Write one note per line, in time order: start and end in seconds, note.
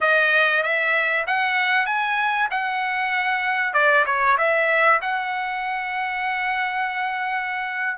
0.00 0.62 D#5
0.62 1.25 E5
1.26 1.86 F#5
1.86 2.48 G#5
2.50 3.73 F#5
3.73 4.04 D5
4.06 4.37 C#5
4.37 5.00 E5
5.01 7.97 F#5